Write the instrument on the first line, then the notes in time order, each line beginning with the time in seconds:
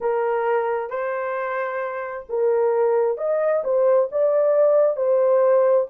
horn
0.00 A#4
0.90 C5
2.29 A#4
3.17 D#5
3.64 C5
4.12 D5
4.96 C5